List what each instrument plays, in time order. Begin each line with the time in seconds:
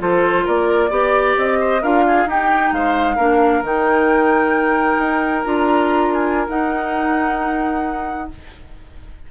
0.00 bassoon F3, clarinet F4, oboe A4, flute C5
0.46 bassoon A#3, oboe A#4, flute D5
0.90 bassoon B3, clarinet G4, oboe D5
1.38 bassoon C4, flute D#5
1.61 oboe C5
1.82 bassoon D4, clarinet F4, oboe A#4, flute F5
2.08 oboe G#4
2.26 bassoon D#4, clarinet D#4, oboe G4, flute G5
2.72 bassoon G#3, oboe C5, flute F5
3.16 bassoon A#3, clarinet D4, oboe A#4
3.62 bassoon D#3, clarinet D#4, flute G5
4.99 bassoon D#4
5.45 bassoon D4, clarinet F4, flute A#5
6.13 flute G#5
6.48 bassoon D#4, clarinet D#4, flute F#5